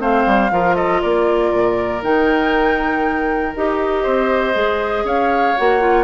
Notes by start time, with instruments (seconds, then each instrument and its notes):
0.00 bassoon A3, clarinet C4, oboe C5, flute F5
0.26 bassoon G3
0.51 bassoon F3, clarinet F4, oboe A#4
0.76 oboe A4, flute D#5
1.02 bassoon A#3, oboe A#4, flute D5
1.53 bassoon A#2
2.02 bassoon D#3, clarinet D#4, flute G5
3.56 bassoon D#4, clarinet G4, flute D#5
4.03 bassoon C4, oboe C5
4.55 bassoon G#3, clarinet G#4
5.04 bassoon C#4, oboe C#5, flute F5
5.58 bassoon A#3, clarinet F#4, flute F#5
5.80 clarinet F4